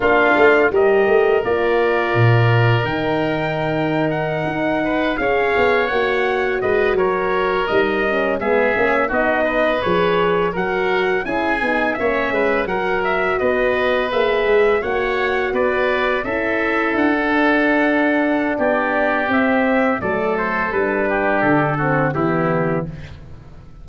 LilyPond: <<
  \new Staff \with { instrumentName = "trumpet" } { \time 4/4 \tempo 4 = 84 f''4 dis''4 d''2 | g''4.~ g''16 fis''4. f''8.~ | f''16 fis''4 dis''8 cis''4 dis''4 e''16~ | e''8. dis''4 cis''4 fis''4 gis''16~ |
gis''8. e''4 fis''8 e''8 dis''4 e''16~ | e''8. fis''4 d''4 e''4 fis''16~ | fis''2 d''4 e''4 | d''8 c''8 b'4 a'4 g'4 | }
  \new Staff \with { instrumentName = "oboe" } { \time 4/4 f'4 ais'2.~ | ais'2~ ais'8. b'8 cis''8.~ | cis''4~ cis''16 b'8 ais'2 gis'16~ | gis'8. fis'8 b'4. ais'4 gis'16~ |
gis'8. cis''8 b'8 ais'4 b'4~ b'16~ | b'8. cis''4 b'4 a'4~ a'16~ | a'2 g'2 | a'4. g'4 fis'8 e'4 | }
  \new Staff \with { instrumentName = "horn" } { \time 4/4 d'4 g'4 f'2 | dis'2.~ dis'16 gis'8.~ | gis'16 fis'2~ fis'8 dis'8 cis'8 b16~ | b16 cis'8 dis'4 gis'4 fis'4 e'16~ |
e'16 dis'8 cis'4 fis'2 gis'16~ | gis'8. fis'2 e'4~ e'16 | d'2. c'4 | a4 d'4. c'8 b4 | }
  \new Staff \with { instrumentName = "tuba" } { \time 4/4 ais8 a8 g8 a8 ais4 ais,4 | dis2~ dis16 dis'4 cis'8 b16~ | b16 ais4 gis8 fis4 g4 gis16~ | gis16 ais8 b4 f4 fis4 cis'16~ |
cis'16 b8 ais8 gis8 fis4 b4 ais16~ | ais16 gis8 ais4 b4 cis'4 d'16~ | d'2 b4 c'4 | fis4 g4 d4 e4 | }
>>